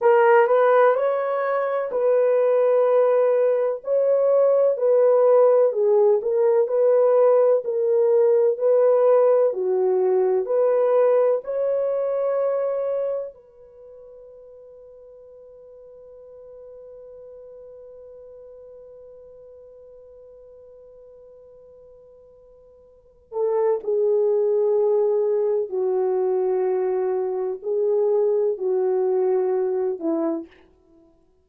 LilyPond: \new Staff \with { instrumentName = "horn" } { \time 4/4 \tempo 4 = 63 ais'8 b'8 cis''4 b'2 | cis''4 b'4 gis'8 ais'8 b'4 | ais'4 b'4 fis'4 b'4 | cis''2 b'2~ |
b'1~ | b'1~ | b'8 a'8 gis'2 fis'4~ | fis'4 gis'4 fis'4. e'8 | }